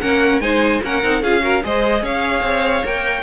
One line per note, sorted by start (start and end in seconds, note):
0.00 0.40 A#3
0.00 0.41 C#4
0.00 0.41 A#4
0.00 0.40 F#5
0.40 0.80 G#3
0.40 0.81 D#4
0.40 0.82 C5
0.40 0.80 G#5
0.82 1.02 A#3
0.82 1.03 C#4
0.82 1.22 A#4
0.82 1.22 F#5
1.03 1.22 C4
1.03 1.23 D#4
1.22 1.63 C#4
1.22 1.41 F4
1.22 1.42 G#4
1.22 1.63 F5
1.41 1.61 F#4
1.41 1.63 A#4
1.63 2.02 G#3
1.63 2.84 G#4
1.63 2.02 C5
1.63 2.05 D#5
2.02 2.42 C#4
2.02 3.22 C#5
2.02 2.86 F5
2.42 2.83 C4
2.84 3.22 A#3
2.84 3.22 A#4
2.84 3.22 G5